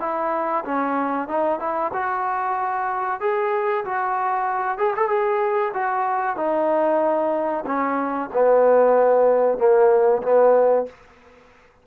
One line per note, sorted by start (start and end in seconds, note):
0.00 0.64 E4
0.65 1.28 C#4
1.28 1.60 D#4
1.60 1.91 E4
1.93 3.21 F#4
3.21 3.84 G#4
3.85 4.78 F#4
4.78 4.94 G#4
4.96 5.09 A4
5.09 5.72 G#4
5.74 6.37 F#4
6.37 7.65 D#4
7.66 8.30 C#4
8.33 9.58 B3
9.58 10.22 A#3
10.22 10.86 B3